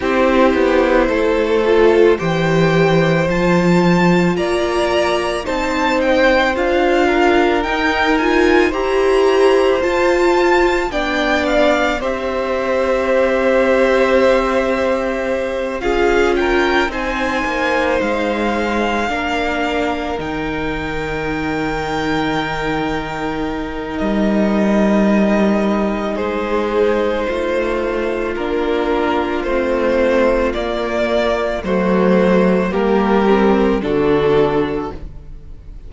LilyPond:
<<
  \new Staff \with { instrumentName = "violin" } { \time 4/4 \tempo 4 = 55 c''2 g''4 a''4 | ais''4 a''8 g''8 f''4 g''8 gis''8 | ais''4 a''4 g''8 f''8 e''4~ | e''2~ e''8 f''8 g''8 gis''8~ |
gis''8 f''2 g''4.~ | g''2 dis''2 | c''2 ais'4 c''4 | d''4 c''4 ais'4 a'4 | }
  \new Staff \with { instrumentName = "violin" } { \time 4/4 g'4 a'4 c''2 | d''4 c''4. ais'4. | c''2 d''4 c''4~ | c''2~ c''8 gis'8 ais'8 c''8~ |
c''4. ais'2~ ais'8~ | ais'1 | gis'4 f'2.~ | f'4 fis'4 g'4 fis'4 | }
  \new Staff \with { instrumentName = "viola" } { \time 4/4 e'4. f'8 g'4 f'4~ | f'4 dis'4 f'4 dis'8 f'8 | g'4 f'4 d'4 g'4~ | g'2~ g'8 f'4 dis'8~ |
dis'4. d'4 dis'4.~ | dis'1~ | dis'2 d'4 c'4 | ais4 a4 ais8 c'8 d'4 | }
  \new Staff \with { instrumentName = "cello" } { \time 4/4 c'8 b8 a4 e4 f4 | ais4 c'4 d'4 dis'4 | e'4 f'4 b4 c'4~ | c'2~ c'8 cis'4 c'8 |
ais8 gis4 ais4 dis4.~ | dis2 g2 | gis4 a4 ais4 a4 | ais4 fis4 g4 d4 | }
>>